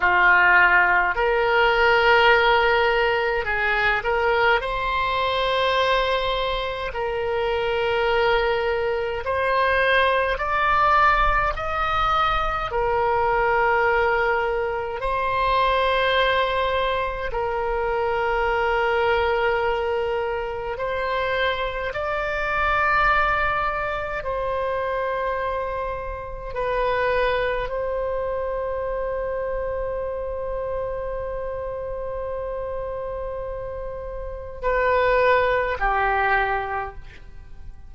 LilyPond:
\new Staff \with { instrumentName = "oboe" } { \time 4/4 \tempo 4 = 52 f'4 ais'2 gis'8 ais'8 | c''2 ais'2 | c''4 d''4 dis''4 ais'4~ | ais'4 c''2 ais'4~ |
ais'2 c''4 d''4~ | d''4 c''2 b'4 | c''1~ | c''2 b'4 g'4 | }